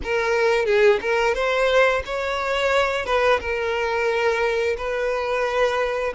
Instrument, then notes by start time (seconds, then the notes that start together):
violin
0.03 A#4
0.65 G#4
1.01 A#4
1.34 C5
2.05 C#5
3.05 B4
3.40 A#4
4.77 B4